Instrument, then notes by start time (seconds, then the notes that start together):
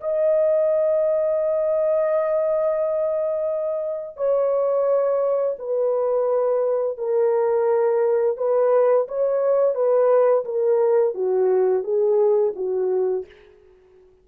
horn
0.00 D#5
4.16 C#5
5.59 B4
6.97 A#4
8.37 B4
9.08 C#5
9.74 B4
10.44 A#4
11.14 F#4
11.83 G#4
12.55 F#4